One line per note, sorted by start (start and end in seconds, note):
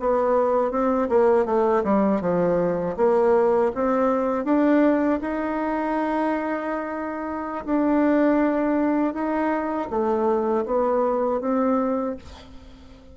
0.00 0.71 B3
0.71 1.09 C4
1.09 1.46 A#3
1.46 1.83 A3
1.84 2.21 G3
2.21 2.96 F3
2.97 3.72 A#3
3.75 4.45 C4
4.45 5.20 D4
5.22 7.65 D#4
7.66 9.14 D4
9.14 9.89 D#4
9.90 10.65 A3
10.66 11.41 B3
11.41 12.16 C4